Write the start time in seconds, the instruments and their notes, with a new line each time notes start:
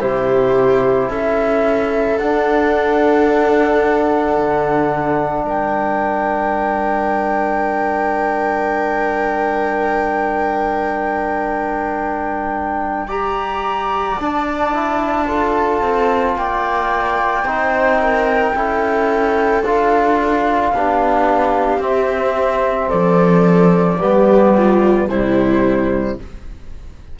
0.00 cello C3, trombone E4, viola G4, flute C5
1.08 cello C#4, viola A4, flute E5
2.18 cello D4, trombone D4, flute F#5
4.37 cello D3
5.44 cello G3, viola A#4, flute G5
13.07 trombone G4, viola D5, flute A#5
14.19 trombone D4, cello D4, flute A5
14.73 trombone E4
15.27 trombone F4, viola A4
15.81 cello C4
16.36 cello A#3, viola D5, flute G5
17.43 cello C4, trombone D#4, viola C5
18.01 viola A#4
18.55 cello C#4, trombone E4, viola A4
19.63 cello D4, trombone F4, flute F5
20.72 cello B3, trombone D4, viola G4
21.78 cello C4, trombone C4, flute E5
22.88 cello F3, viola A4, flute D5
23.98 cello G3, trombone B3, viola G4
24.57 viola F4
25.08 cello C3, trombone G3, viola E4, flute C5